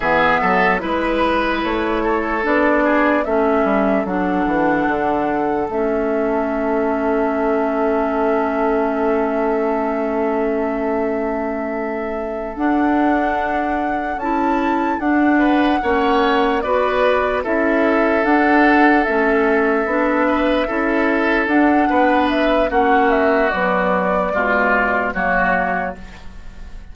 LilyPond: <<
  \new Staff \with { instrumentName = "flute" } { \time 4/4 \tempo 4 = 74 e''4 b'4 cis''4 d''4 | e''4 fis''2 e''4~ | e''1~ | e''2.~ e''8 fis''8~ |
fis''4. a''4 fis''4.~ | fis''8 d''4 e''4 fis''4 e''8~ | e''2~ e''8 fis''4 e''8 | fis''8 e''8 d''2 cis''4 | }
  \new Staff \with { instrumentName = "oboe" } { \time 4/4 gis'8 a'8 b'4. a'4 gis'8 | a'1~ | a'1~ | a'1~ |
a'2. b'8 cis''8~ | cis''8 b'4 a'2~ a'8~ | a'4 b'8 a'4. b'4 | fis'2 f'4 fis'4 | }
  \new Staff \with { instrumentName = "clarinet" } { \time 4/4 b4 e'2 d'4 | cis'4 d'2 cis'4~ | cis'1~ | cis'2.~ cis'8 d'8~ |
d'4. e'4 d'4 cis'8~ | cis'8 fis'4 e'4 d'4 cis'8~ | cis'8 d'4 e'4 d'4. | cis'4 fis4 gis4 ais4 | }
  \new Staff \with { instrumentName = "bassoon" } { \time 4/4 e8 fis8 gis4 a4 b4 | a8 g8 fis8 e8 d4 a4~ | a1~ | a2.~ a8 d'8~ |
d'4. cis'4 d'4 ais8~ | ais8 b4 cis'4 d'4 a8~ | a8 b4 cis'4 d'8 b4 | ais4 b4 b,4 fis4 | }
>>